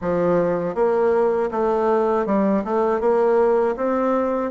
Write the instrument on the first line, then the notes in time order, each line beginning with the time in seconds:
bassoon
0.01 F3
0.75 A#3
1.51 A3
2.26 G3
2.64 A3
3.00 A#3
3.76 C4